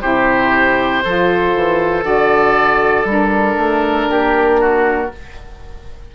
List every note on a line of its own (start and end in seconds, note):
0.00 1.04 C3
0.00 1.02 E4
0.00 1.03 G4
0.00 2.04 C5
1.04 1.55 F3
1.04 2.02 F4
1.04 4.09 A4
1.55 2.03 E3
2.02 3.04 D3
2.02 3.04 F#4
2.02 3.07 D5
3.04 3.55 G3
3.04 5.10 D4
3.11 5.14 A#4
3.56 4.07 A3
4.09 5.11 A#3
4.09 4.60 G4
4.60 5.11 F#4